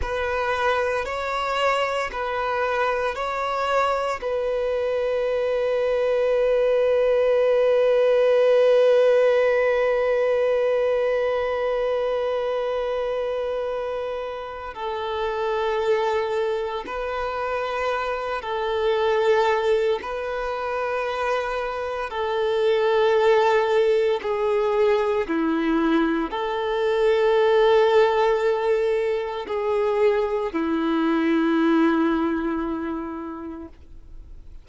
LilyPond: \new Staff \with { instrumentName = "violin" } { \time 4/4 \tempo 4 = 57 b'4 cis''4 b'4 cis''4 | b'1~ | b'1~ | b'2 a'2 |
b'4. a'4. b'4~ | b'4 a'2 gis'4 | e'4 a'2. | gis'4 e'2. | }